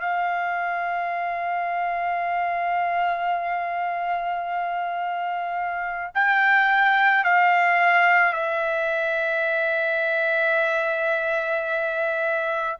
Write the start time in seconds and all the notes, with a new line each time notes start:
0.00 F5
6.14 G5
7.24 F5
8.33 E5